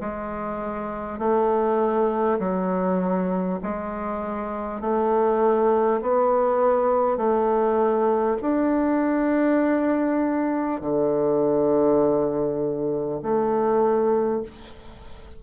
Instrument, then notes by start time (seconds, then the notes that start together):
bassoon
0.00 G#3
1.18 A3
2.39 F#3
3.63 G#3
4.80 A3
6.01 B3
7.17 A3
8.41 D4
10.81 D3
13.22 A3